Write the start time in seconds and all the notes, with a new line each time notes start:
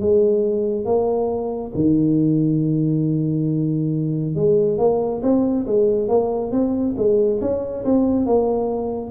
0.00 G#3
0.85 A#3
1.75 D#3
4.35 G#3
4.78 A#3
5.22 C4
5.66 G#3
6.08 A#3
6.52 C4
6.97 G#3
7.41 C#4
7.85 C4
8.26 A#3